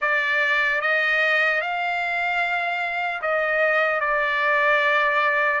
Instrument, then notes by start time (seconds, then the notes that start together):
trumpet
0.01 D5
0.81 D#5
1.61 F5
3.21 D#5
4.00 D5